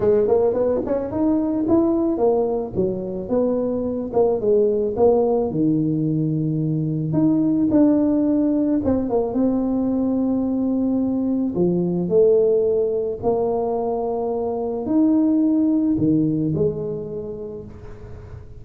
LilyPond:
\new Staff \with { instrumentName = "tuba" } { \time 4/4 \tempo 4 = 109 gis8 ais8 b8 cis'8 dis'4 e'4 | ais4 fis4 b4. ais8 | gis4 ais4 dis2~ | dis4 dis'4 d'2 |
c'8 ais8 c'2.~ | c'4 f4 a2 | ais2. dis'4~ | dis'4 dis4 gis2 | }